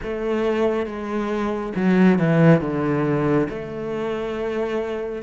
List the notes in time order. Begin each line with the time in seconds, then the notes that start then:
0.02 A3
0.85 G#3
1.75 F#3
2.19 E3
2.60 D3
3.49 A3